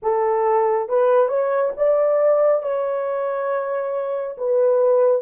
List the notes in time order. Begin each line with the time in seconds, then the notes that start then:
0.02 A4
0.88 B4
1.28 C#5
1.76 D5
2.62 C#5
4.37 B4